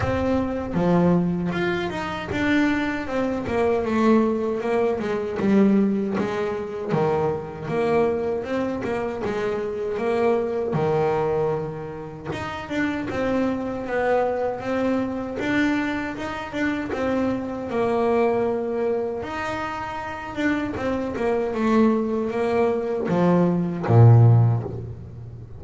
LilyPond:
\new Staff \with { instrumentName = "double bass" } { \time 4/4 \tempo 4 = 78 c'4 f4 f'8 dis'8 d'4 | c'8 ais8 a4 ais8 gis8 g4 | gis4 dis4 ais4 c'8 ais8 | gis4 ais4 dis2 |
dis'8 d'8 c'4 b4 c'4 | d'4 dis'8 d'8 c'4 ais4~ | ais4 dis'4. d'8 c'8 ais8 | a4 ais4 f4 ais,4 | }